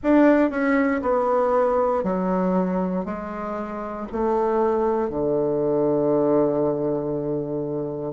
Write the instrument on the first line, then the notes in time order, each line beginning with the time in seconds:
bassoon
0.03 D4
0.50 C#4
1.02 B3
2.03 F#3
3.05 G#3
4.12 A3
5.09 D3